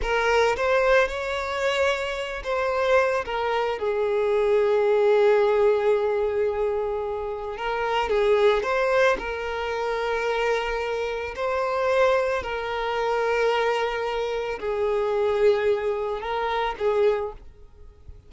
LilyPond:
\new Staff \with { instrumentName = "violin" } { \time 4/4 \tempo 4 = 111 ais'4 c''4 cis''2~ | cis''8 c''4. ais'4 gis'4~ | gis'1~ | gis'2 ais'4 gis'4 |
c''4 ais'2.~ | ais'4 c''2 ais'4~ | ais'2. gis'4~ | gis'2 ais'4 gis'4 | }